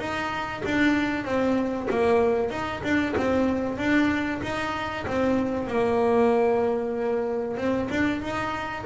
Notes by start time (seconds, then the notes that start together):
0.00 D#4
0.65 D4
1.25 C4
1.91 A#3
2.51 D#4
2.84 D4
3.17 C4
3.78 D4
4.43 D#4
5.07 C4
5.68 A#3
7.57 C4
7.91 D4
8.22 D#4